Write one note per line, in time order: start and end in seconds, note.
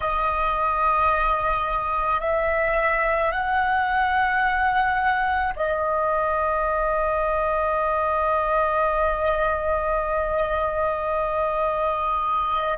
0.00 2.20 D#5
2.20 3.31 E5
3.31 5.53 F#5
5.56 12.77 D#5